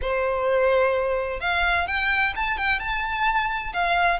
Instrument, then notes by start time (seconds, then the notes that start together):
violin
0.01 C5
1.40 F5
1.87 G5
2.35 A5
2.57 G5
2.79 A5
3.73 F5